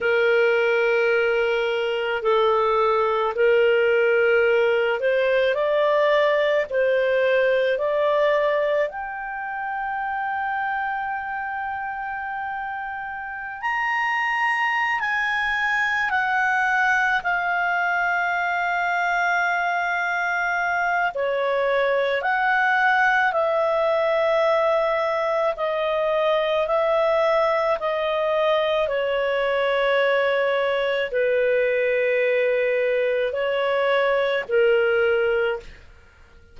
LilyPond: \new Staff \with { instrumentName = "clarinet" } { \time 4/4 \tempo 4 = 54 ais'2 a'4 ais'4~ | ais'8 c''8 d''4 c''4 d''4 | g''1~ | g''16 ais''4~ ais''16 gis''4 fis''4 f''8~ |
f''2. cis''4 | fis''4 e''2 dis''4 | e''4 dis''4 cis''2 | b'2 cis''4 ais'4 | }